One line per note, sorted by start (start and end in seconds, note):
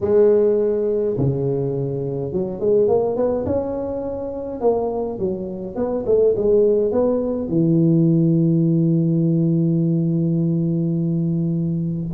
0.01 1.16 G#3
1.17 2.32 C#3
2.32 2.60 F#3
2.60 2.87 G#3
2.87 3.16 A#3
3.16 3.45 B3
3.45 4.60 C#4
4.60 5.18 A#3
5.18 5.75 F#3
5.75 6.04 B3
6.06 6.34 A3
6.36 6.91 G#3
6.91 7.48 B3
7.48 12.10 E3